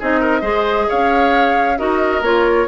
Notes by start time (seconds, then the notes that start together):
0.00 C4 D#4 G#4 D#5
0.21 A#4
0.41 G#3 G#4 C5
0.89 C#4 C#5 F5
1.78 D#4 F#4 A#4 D#5
2.22 A#3 F4 C#5